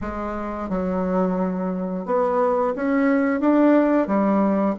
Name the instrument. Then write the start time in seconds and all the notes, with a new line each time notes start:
bassoon
0.01 G#3
0.69 F#3
2.05 B3
2.75 C#4
3.40 D4
4.07 G3